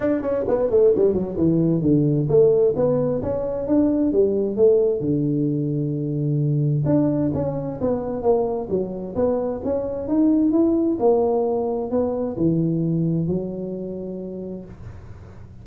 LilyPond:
\new Staff \with { instrumentName = "tuba" } { \time 4/4 \tempo 4 = 131 d'8 cis'8 b8 a8 g8 fis8 e4 | d4 a4 b4 cis'4 | d'4 g4 a4 d4~ | d2. d'4 |
cis'4 b4 ais4 fis4 | b4 cis'4 dis'4 e'4 | ais2 b4 e4~ | e4 fis2. | }